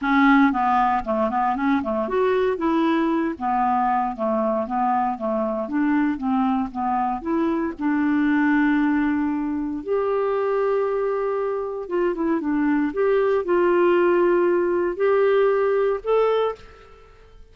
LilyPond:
\new Staff \with { instrumentName = "clarinet" } { \time 4/4 \tempo 4 = 116 cis'4 b4 a8 b8 cis'8 a8 | fis'4 e'4. b4. | a4 b4 a4 d'4 | c'4 b4 e'4 d'4~ |
d'2. g'4~ | g'2. f'8 e'8 | d'4 g'4 f'2~ | f'4 g'2 a'4 | }